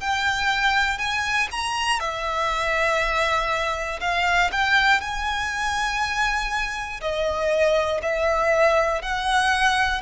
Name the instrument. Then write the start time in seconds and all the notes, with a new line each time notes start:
violin
0.00 G5
0.98 G#5
1.51 A#5
2.00 E5
4.01 F5
4.52 G5
5.01 G#5
7.01 D#5
8.02 E5
9.02 F#5